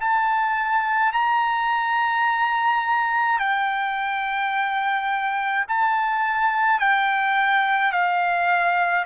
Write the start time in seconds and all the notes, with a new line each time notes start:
0.00 A5
1.13 A#5
3.39 G5
5.69 A5
6.80 G5
7.92 F5